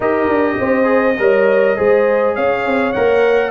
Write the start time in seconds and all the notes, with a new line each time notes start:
0.00 D#4 G4 A#4 D#5
0.27 D4
0.59 C4 C5
0.84 G#4
1.19 G3 A#4 C#5
1.76 G#3 G#4 C5
2.35 C#4 C#5 F5
2.64 C4
2.92 A#3 A#4 F#5